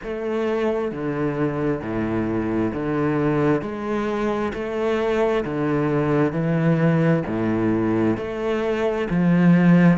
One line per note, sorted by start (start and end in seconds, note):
0.02 0.91 A3
0.91 1.81 D3
1.81 2.72 A2
2.73 3.61 D3
3.61 4.52 G#3
4.53 5.44 A3
5.45 6.32 D3
6.32 7.23 E3
7.26 8.17 A2
8.17 9.07 A3
9.10 9.98 F3